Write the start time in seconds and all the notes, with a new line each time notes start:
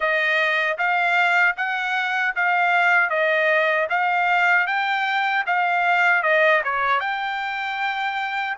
0.00 D#5
0.78 F5
1.57 F#5
2.35 F5
3.09 D#5
3.89 F5
4.66 G5
5.46 F5
6.22 D#5
6.64 C#5
7.00 G5